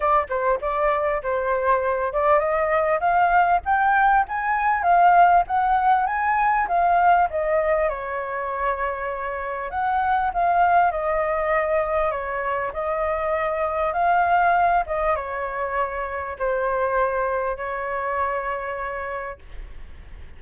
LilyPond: \new Staff \with { instrumentName = "flute" } { \time 4/4 \tempo 4 = 99 d''8 c''8 d''4 c''4. d''8 | dis''4 f''4 g''4 gis''4 | f''4 fis''4 gis''4 f''4 | dis''4 cis''2. |
fis''4 f''4 dis''2 | cis''4 dis''2 f''4~ | f''8 dis''8 cis''2 c''4~ | c''4 cis''2. | }